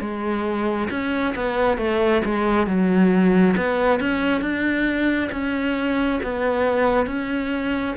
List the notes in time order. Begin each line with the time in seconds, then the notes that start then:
0.00 G#3
0.90 C#4
1.35 B3
1.77 A3
2.24 G#3
2.67 F#3
3.57 B3
4.00 C#4
4.41 D4
5.31 C#4
6.23 B3
7.06 C#4